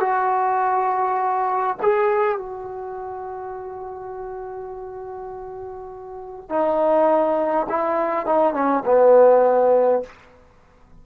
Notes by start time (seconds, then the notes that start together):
0.00 F#4
1.82 G#4
2.38 F#4
6.49 D#4
7.69 E4
8.26 D#4
8.54 C#4
8.85 B3